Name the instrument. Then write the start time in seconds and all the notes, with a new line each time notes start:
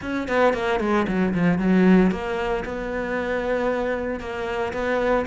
cello
0.01 C#4
0.28 B3
0.53 A#3
0.80 G#3
1.07 F#3
1.34 F3
1.58 F#3
2.11 A#3
2.64 B3
4.20 A#3
4.73 B3